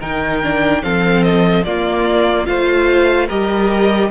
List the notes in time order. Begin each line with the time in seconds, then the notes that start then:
0.00 D#3 D#4 A#4 G5
0.43 D4
0.83 F3 C4 A4 F5
1.22 D#5
1.64 A#3 F4 D5
2.45 A3 F4 C5 F5
3.27 G3 G4 A#4 D#5